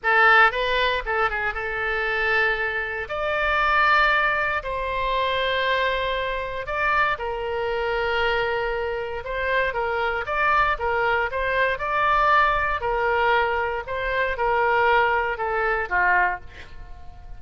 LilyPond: \new Staff \with { instrumentName = "oboe" } { \time 4/4 \tempo 4 = 117 a'4 b'4 a'8 gis'8 a'4~ | a'2 d''2~ | d''4 c''2.~ | c''4 d''4 ais'2~ |
ais'2 c''4 ais'4 | d''4 ais'4 c''4 d''4~ | d''4 ais'2 c''4 | ais'2 a'4 f'4 | }